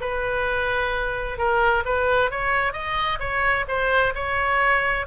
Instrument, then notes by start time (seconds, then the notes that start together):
oboe
0.00 B4
1.37 A#4
1.85 B4
2.30 C#5
2.73 D#5
3.19 C#5
3.67 C5
4.14 C#5